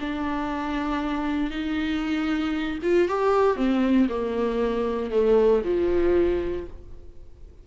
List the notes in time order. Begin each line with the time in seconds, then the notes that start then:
0.00 D4
1.50 D#4
2.82 F4
3.08 G4
3.56 C4
4.09 A#3
5.11 A3
5.64 F3